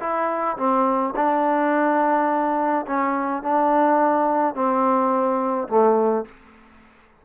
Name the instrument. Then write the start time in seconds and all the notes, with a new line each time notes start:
trombone
0.00 E4
0.57 C4
1.16 D4
2.86 C#4
3.43 D4
4.55 C4
5.68 A3